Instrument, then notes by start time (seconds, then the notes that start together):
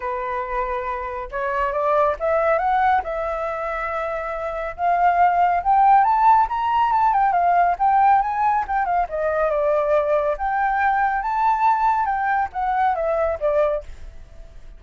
flute
0.00 B4
1.31 C#5
1.72 D5
2.19 E5
2.58 F#5
3.03 E5
4.76 F5
5.63 G5
6.03 A5
6.49 A#5
6.91 A5
7.13 G5
7.32 F5
7.78 G5
8.21 G#5
8.67 G5
8.85 F5
9.09 D#5
9.50 D5
10.37 G5
11.22 A5
12.05 G5
12.53 F#5
12.95 E5
13.40 D5